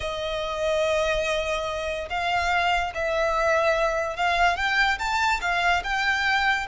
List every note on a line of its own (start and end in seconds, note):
0.00 2.08 D#5
2.09 2.93 F5
2.94 4.16 E5
4.16 4.56 F5
4.56 4.98 G5
4.98 5.40 A5
5.41 5.83 F5
5.83 6.66 G5